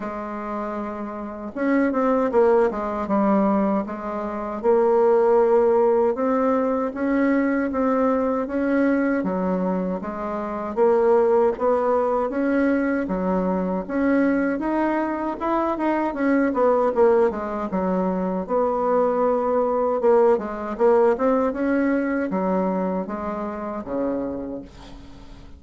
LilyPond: \new Staff \with { instrumentName = "bassoon" } { \time 4/4 \tempo 4 = 78 gis2 cis'8 c'8 ais8 gis8 | g4 gis4 ais2 | c'4 cis'4 c'4 cis'4 | fis4 gis4 ais4 b4 |
cis'4 fis4 cis'4 dis'4 | e'8 dis'8 cis'8 b8 ais8 gis8 fis4 | b2 ais8 gis8 ais8 c'8 | cis'4 fis4 gis4 cis4 | }